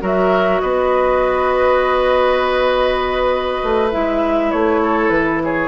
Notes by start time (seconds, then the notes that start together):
0.00 F#3 F#4 A#4 E5
0.60 B3 B4 D#5
3.63 A3
3.91 G#3 E4 E5
4.51 A3 C#5
4.83 A4
5.09 E3 B4
5.44 G#4 C#5